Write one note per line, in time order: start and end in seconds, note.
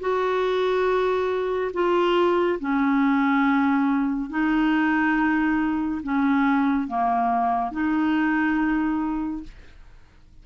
0.00 1.71 F#4
1.73 2.59 F4
2.59 4.30 C#4
4.30 6.01 D#4
6.03 6.87 C#4
6.87 7.71 A#3
7.71 9.43 D#4